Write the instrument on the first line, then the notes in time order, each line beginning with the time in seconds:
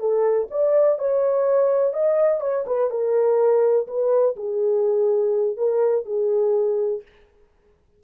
horn
0.00 A4
0.51 D5
0.99 C#5
1.93 D#5
2.41 C#5
2.67 B4
2.90 A#4
3.87 B4
4.36 G#4
5.57 A#4
6.05 G#4